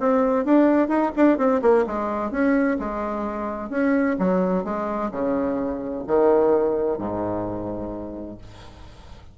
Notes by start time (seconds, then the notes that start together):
0.00 C4
0.45 D4
0.89 D#4
1.16 D4
1.38 C4
1.62 A#3
1.87 G#3
2.32 C#4
2.79 G#3
3.70 C#4
4.19 F#3
4.64 G#3
5.12 C#3
6.08 D#3
6.99 G#2